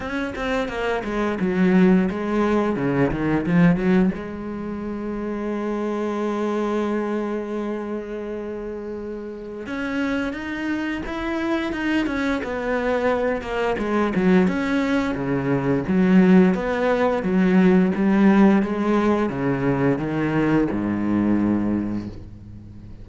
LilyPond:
\new Staff \with { instrumentName = "cello" } { \time 4/4 \tempo 4 = 87 cis'8 c'8 ais8 gis8 fis4 gis4 | cis8 dis8 f8 fis8 gis2~ | gis1~ | gis2 cis'4 dis'4 |
e'4 dis'8 cis'8 b4. ais8 | gis8 fis8 cis'4 cis4 fis4 | b4 fis4 g4 gis4 | cis4 dis4 gis,2 | }